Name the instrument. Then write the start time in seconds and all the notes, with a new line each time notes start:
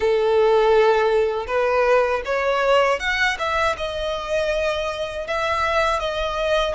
violin
0.00 A4
1.47 B4
2.25 C#5
2.99 F#5
3.38 E5
3.77 D#5
5.27 E5
5.99 D#5